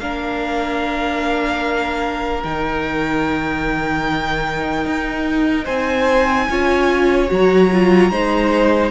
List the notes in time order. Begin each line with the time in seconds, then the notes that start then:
0.00 A#3 D4 A#4 F5
2.44 D#3 D#4 G5
4.86 D#4
5.65 C4 C5 G#5
6.49 C#4 F4 C#5
7.29 F#3 F#4 A#5
7.73 F4
8.11 G#3 D#4 C5